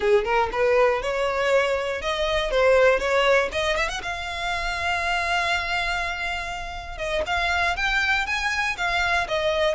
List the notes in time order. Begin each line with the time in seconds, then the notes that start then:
0.00 G#4
0.24 A#4
0.51 B4
1.01 C#5
2.01 D#5
2.50 C5
2.99 C#5
3.51 D#5
3.76 E5
3.88 F#5
4.02 F5
6.97 D#5
7.26 F5
7.76 G5
8.26 G#5
8.77 F5
9.28 D#5